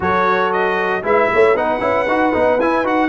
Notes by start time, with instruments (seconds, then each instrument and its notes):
0.00 tuba F#3, trombone F#4, horn A4, trumpet C#5
0.52 trumpet D#5
1.02 tuba G#3, trombone E4, horn B4, trumpet E5
1.33 tuba A3, horn C#5
1.54 tuba B3, trombone D#4, horn B4, trumpet F#5
1.79 tuba C#4, trombone E4
2.07 tuba D#4, trombone F#4
2.33 tuba B3, trombone D#4
2.58 tuba E4, trombone E4, trumpet G#5
2.83 tuba D#4, trombone F#4, trumpet F#5